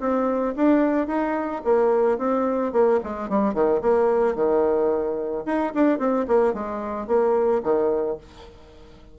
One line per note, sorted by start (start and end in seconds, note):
0.00 0.55 C4
0.56 1.07 D4
1.07 1.62 D#4
1.64 2.18 A#3
2.18 2.72 C4
2.72 3.00 A#3
3.04 3.29 G#3
3.29 3.54 G3
3.54 3.81 D#3
3.82 4.35 A#3
4.35 5.44 D#3
5.46 5.73 D#4
5.75 5.99 D4
5.99 6.26 C4
6.28 6.54 A#3
6.54 7.08 G#3
7.08 7.62 A#3
7.63 8.18 D#3